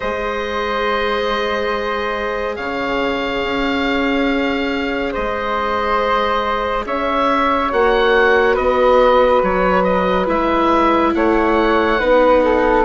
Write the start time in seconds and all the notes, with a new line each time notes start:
0.00 G#3 G#4 C5 D#5
2.56 C#3 C#5 F5
3.43 C#4
5.12 G#3 C5 D#5
6.85 C#4 C#5 E5
7.71 A#3 F#4 F#5
8.54 B3 B4 D#5
9.42 F#3 C#5
9.83 D#5
10.26 G#3 E4 E5
11.14 A3 C#5 F#5
11.99 B3 D#4 B4
12.44 A4